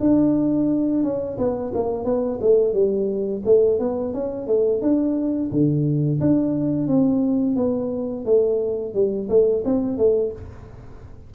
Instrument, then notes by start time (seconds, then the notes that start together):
tuba
0.00 D4
1.03 C#4
1.38 B3
1.74 A#3
2.04 B3
2.41 A3
2.73 G3
3.45 A3
3.79 B3
4.14 C#4
4.47 A3
4.82 D4
5.51 D3
6.20 D4
6.87 C4
7.56 B3
8.25 A3
8.94 G3
9.29 A3
9.65 C4
9.97 A3